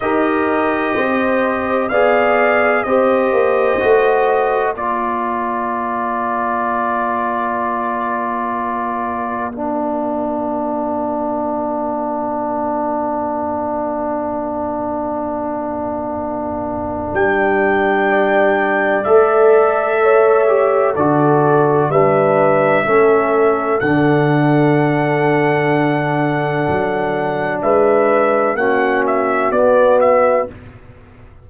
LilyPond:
<<
  \new Staff \with { instrumentName = "trumpet" } { \time 4/4 \tempo 4 = 63 dis''2 f''4 dis''4~ | dis''4 d''2.~ | d''2 f''2~ | f''1~ |
f''2 g''2 | e''2 d''4 e''4~ | e''4 fis''2.~ | fis''4 e''4 fis''8 e''8 d''8 e''8 | }
  \new Staff \with { instrumentName = "horn" } { \time 4/4 ais'4 c''4 d''4 c''4~ | c''4 ais'2.~ | ais'1~ | ais'1~ |
ais'2. d''4~ | d''4 cis''4 a'4 b'4 | a'1~ | a'4 b'4 fis'2 | }
  \new Staff \with { instrumentName = "trombone" } { \time 4/4 g'2 gis'4 g'4 | fis'4 f'2.~ | f'2 d'2~ | d'1~ |
d'1 | a'4. g'8 fis'4 d'4 | cis'4 d'2.~ | d'2 cis'4 b4 | }
  \new Staff \with { instrumentName = "tuba" } { \time 4/4 dis'4 c'4 b4 c'8 ais8 | a4 ais2.~ | ais1~ | ais1~ |
ais2 g2 | a2 d4 g4 | a4 d2. | fis4 gis4 ais4 b4 | }
>>